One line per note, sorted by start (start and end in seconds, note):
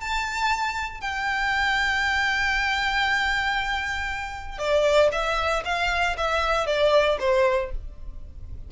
0.00 1.00 A5
1.00 4.58 G5
4.58 5.09 D5
5.11 5.63 E5
5.65 6.16 F5
6.17 6.66 E5
6.66 7.17 D5
7.19 7.71 C5